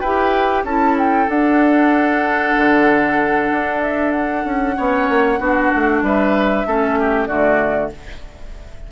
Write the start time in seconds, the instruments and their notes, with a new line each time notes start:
0.00 bassoon E4, clarinet G4, oboe B4, flute G5
0.63 bassoon C#4, clarinet E4, oboe A4, flute A5
0.98 flute G5
1.27 clarinet D4, bassoon D4, flute F#5
2.57 bassoon D3
3.51 bassoon D4
3.82 flute E5
4.11 flute F#5
4.45 bassoon C#4
4.76 bassoon B3, clarinet C#4, oboe C#5
5.09 bassoon A#3
5.39 bassoon B3, clarinet D4, oboe F#4
5.75 bassoon A3
6.02 bassoon G3, oboe B4, flute E5
6.66 bassoon A3, clarinet C#4, oboe A4
6.99 oboe G4
7.26 bassoon D3, clarinet A3, oboe F#4, flute D5